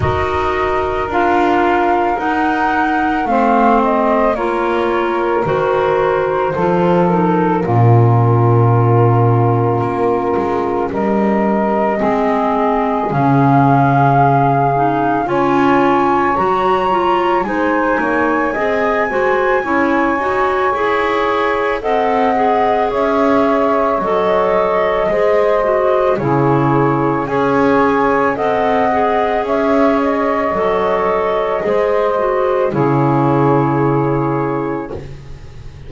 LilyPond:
<<
  \new Staff \with { instrumentName = "flute" } { \time 4/4 \tempo 4 = 55 dis''4 f''4 fis''4 f''8 dis''8 | cis''4 c''4. ais'4.~ | ais'2 dis''2 | f''2 gis''4 ais''4 |
gis''1 | fis''4 e''4 dis''2 | cis''4 gis''4 fis''4 e''8 dis''8~ | dis''2 cis''2 | }
  \new Staff \with { instrumentName = "saxophone" } { \time 4/4 ais'2. c''4 | ais'2 a'4 f'4~ | f'2 ais'4 gis'4~ | gis'2 cis''2 |
c''8 cis''8 dis''8 c''8 cis''2 | dis''4 cis''2 c''4 | gis'4 cis''4 dis''4 cis''4~ | cis''4 c''4 gis'2 | }
  \new Staff \with { instrumentName = "clarinet" } { \time 4/4 fis'4 f'4 dis'4 c'4 | f'4 fis'4 f'8 dis'8 cis'4~ | cis'2. c'4 | cis'4. dis'8 f'4 fis'8 f'8 |
dis'4 gis'8 fis'8 e'8 fis'8 gis'4 | a'8 gis'4. a'4 gis'8 fis'8 | e'4 gis'4 a'8 gis'4. | a'4 gis'8 fis'8 e'2 | }
  \new Staff \with { instrumentName = "double bass" } { \time 4/4 dis'4 d'4 dis'4 a4 | ais4 dis4 f4 ais,4~ | ais,4 ais8 gis8 g4 gis4 | cis2 cis'4 fis4 |
gis8 ais8 c'8 gis8 cis'8 dis'8 e'4 | c'4 cis'4 fis4 gis4 | cis4 cis'4 c'4 cis'4 | fis4 gis4 cis2 | }
>>